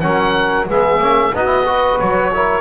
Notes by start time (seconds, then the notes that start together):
0.00 F#3 C#4 A#4 F#5
0.68 G#3 B3 G#4 E5
0.98 A#3 C#4
1.34 B3 D#4 F#4 D#5
1.46 E4
1.66 F#4 B4
1.99 F#3 C#5
2.33 E4 A#4